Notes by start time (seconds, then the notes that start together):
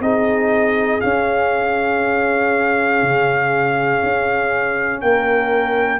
0.00 C4 D#4 G#4 D#5
1.00 C#4 F5
3.02 C#3
4.03 C#4
5.01 A#3 A#4 G5